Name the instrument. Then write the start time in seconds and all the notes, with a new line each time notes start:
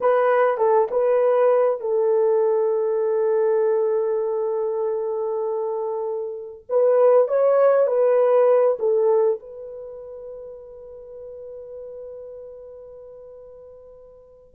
horn
0.00 B4
0.57 A4
0.91 B4
1.80 A4
6.69 B4
7.28 C#5
7.86 B4
8.79 A4
9.39 B4